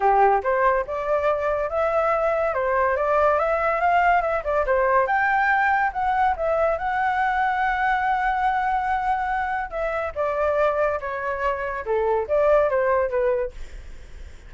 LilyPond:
\new Staff \with { instrumentName = "flute" } { \time 4/4 \tempo 4 = 142 g'4 c''4 d''2 | e''2 c''4 d''4 | e''4 f''4 e''8 d''8 c''4 | g''2 fis''4 e''4 |
fis''1~ | fis''2. e''4 | d''2 cis''2 | a'4 d''4 c''4 b'4 | }